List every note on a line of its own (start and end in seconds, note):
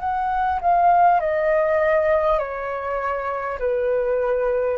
0.00 0.60 F#5
0.61 1.20 F5
1.20 2.38 D#5
2.38 3.58 C#5
3.59 4.78 B4